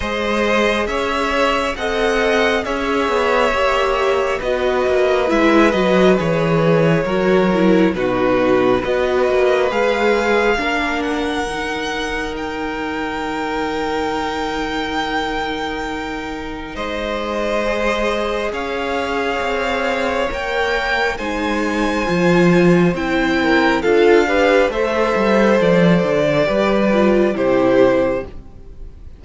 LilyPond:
<<
  \new Staff \with { instrumentName = "violin" } { \time 4/4 \tempo 4 = 68 dis''4 e''4 fis''4 e''4~ | e''4 dis''4 e''8 dis''8 cis''4~ | cis''4 b'4 dis''4 f''4~ | f''8 fis''4. g''2~ |
g''2. dis''4~ | dis''4 f''2 g''4 | gis''2 g''4 f''4 | e''4 d''2 c''4 | }
  \new Staff \with { instrumentName = "violin" } { \time 4/4 c''4 cis''4 dis''4 cis''4~ | cis''4 b'2. | ais'4 fis'4 b'2 | ais'1~ |
ais'2. c''4~ | c''4 cis''2. | c''2~ c''8 ais'8 a'8 b'8 | c''2 b'4 g'4 | }
  \new Staff \with { instrumentName = "viola" } { \time 4/4 gis'2 a'4 gis'4 | g'4 fis'4 e'8 fis'8 gis'4 | fis'8 e'8 dis'4 fis'4 gis'4 | d'4 dis'2.~ |
dis'1 | gis'2. ais'4 | dis'4 f'4 e'4 f'8 g'8 | a'2 g'8 f'8 e'4 | }
  \new Staff \with { instrumentName = "cello" } { \time 4/4 gis4 cis'4 c'4 cis'8 b8 | ais4 b8 ais8 gis8 fis8 e4 | fis4 b,4 b8 ais8 gis4 | ais4 dis2.~ |
dis2. gis4~ | gis4 cis'4 c'4 ais4 | gis4 f4 c'4 d'4 | a8 g8 f8 d8 g4 c4 | }
>>